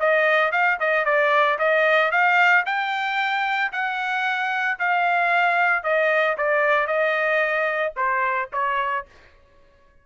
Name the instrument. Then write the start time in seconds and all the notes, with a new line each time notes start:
trumpet
0.00 D#5
0.52 F5
0.80 D#5
1.05 D5
1.59 D#5
2.11 F5
2.66 G5
3.72 F#5
4.79 F5
5.84 D#5
6.38 D5
6.87 D#5
7.96 C5
8.53 C#5